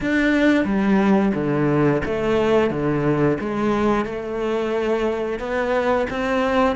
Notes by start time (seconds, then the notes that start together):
0.00 D4
0.64 G3
1.34 D3
2.05 A3
2.70 D3
3.40 G#3
4.05 A3
5.39 B3
6.09 C4